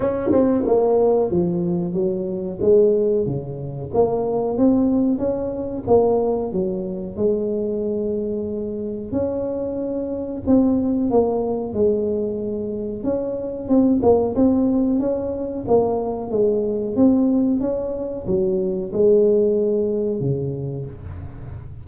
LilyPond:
\new Staff \with { instrumentName = "tuba" } { \time 4/4 \tempo 4 = 92 cis'8 c'8 ais4 f4 fis4 | gis4 cis4 ais4 c'4 | cis'4 ais4 fis4 gis4~ | gis2 cis'2 |
c'4 ais4 gis2 | cis'4 c'8 ais8 c'4 cis'4 | ais4 gis4 c'4 cis'4 | fis4 gis2 cis4 | }